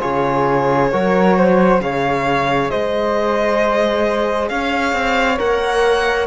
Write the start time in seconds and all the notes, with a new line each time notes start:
0.00 C#3 F4 G#4 C#5
0.92 F#3 F#4 A#4
1.37 C5
1.80 C#3 G#4 C#5 F5
2.70 G#3 C5 D#5
4.49 C#4 C#5 F5
4.93 C4
5.38 A#3 A#4 F#5